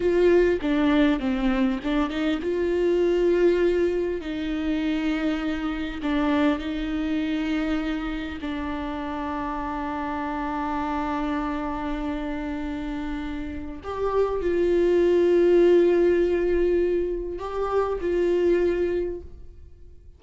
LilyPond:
\new Staff \with { instrumentName = "viola" } { \time 4/4 \tempo 4 = 100 f'4 d'4 c'4 d'8 dis'8 | f'2. dis'4~ | dis'2 d'4 dis'4~ | dis'2 d'2~ |
d'1~ | d'2. g'4 | f'1~ | f'4 g'4 f'2 | }